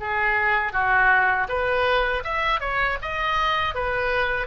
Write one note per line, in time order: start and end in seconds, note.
0.00 0.72 G#4
0.72 1.47 F#4
1.48 2.23 B4
2.24 2.60 E5
2.60 2.98 C#5
3.02 3.75 D#5
3.75 4.47 B4